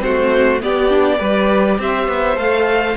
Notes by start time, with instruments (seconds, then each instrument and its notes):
0.00 cello A3, viola C4, violin F#4 C5
0.61 viola B3, cello B3, violin G4 D5
0.90 viola D4
1.19 cello G3, viola G4, violin B4
1.79 cello C4, violin C5 E5
2.08 cello B3
2.37 cello A3, viola A4, violin F5